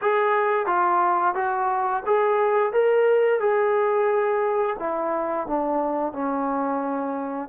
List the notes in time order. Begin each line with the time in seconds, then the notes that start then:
0.01 G#4
0.66 F4
1.35 F#4
2.05 G#4
2.73 A#4
3.40 G#4
4.79 E4
5.47 D4
6.12 C#4